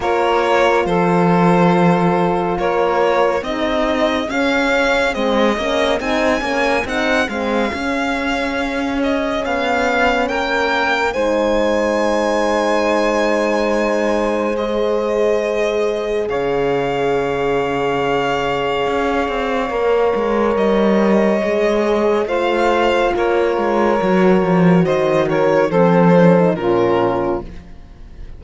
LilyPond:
<<
  \new Staff \with { instrumentName = "violin" } { \time 4/4 \tempo 4 = 70 cis''4 c''2 cis''4 | dis''4 f''4 dis''4 gis''4 | fis''8 f''2 dis''8 f''4 | g''4 gis''2.~ |
gis''4 dis''2 f''4~ | f''1 | dis''2 f''4 cis''4~ | cis''4 dis''8 cis''8 c''4 ais'4 | }
  \new Staff \with { instrumentName = "saxophone" } { \time 4/4 ais'4 a'2 ais'4 | gis'1~ | gis'1 | ais'4 c''2.~ |
c''2. cis''4~ | cis''1~ | cis''2 c''4 ais'4~ | ais'4 c''8 ais'8 a'4 f'4 | }
  \new Staff \with { instrumentName = "horn" } { \time 4/4 f'1 | dis'4 cis'4 c'8 cis'8 dis'8 cis'8 | dis'8 c'8 cis'2.~ | cis'4 dis'2.~ |
dis'4 gis'2.~ | gis'2. ais'4~ | ais'4 gis'4 f'2 | fis'2 c'8 cis'16 dis'16 cis'4 | }
  \new Staff \with { instrumentName = "cello" } { \time 4/4 ais4 f2 ais4 | c'4 cis'4 gis8 ais8 c'8 ais8 | c'8 gis8 cis'2 b4 | ais4 gis2.~ |
gis2. cis4~ | cis2 cis'8 c'8 ais8 gis8 | g4 gis4 a4 ais8 gis8 | fis8 f8 dis4 f4 ais,4 | }
>>